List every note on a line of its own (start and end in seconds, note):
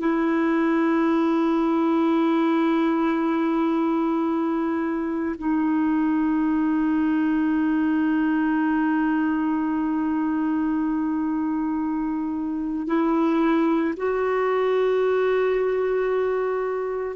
0.00 5.36 E4
5.38 12.87 D#4
12.87 13.94 E4
13.97 17.16 F#4